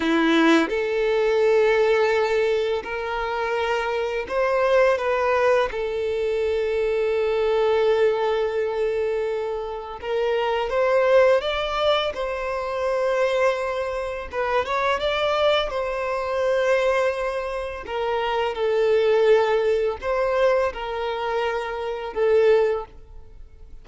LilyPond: \new Staff \with { instrumentName = "violin" } { \time 4/4 \tempo 4 = 84 e'4 a'2. | ais'2 c''4 b'4 | a'1~ | a'2 ais'4 c''4 |
d''4 c''2. | b'8 cis''8 d''4 c''2~ | c''4 ais'4 a'2 | c''4 ais'2 a'4 | }